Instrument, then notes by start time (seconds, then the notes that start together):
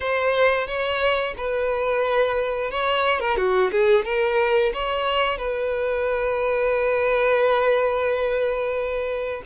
violin
0.00 C5
0.67 C#5
1.37 B4
2.71 C#5
3.20 A#4
3.36 F#4
3.71 G#4
4.04 A#4
4.73 C#5
5.37 B4